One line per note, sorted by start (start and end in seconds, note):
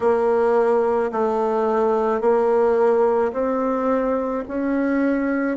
0.00 1.11 A#3
1.11 2.20 A3
2.20 3.31 A#3
3.32 4.43 C4
4.47 5.57 C#4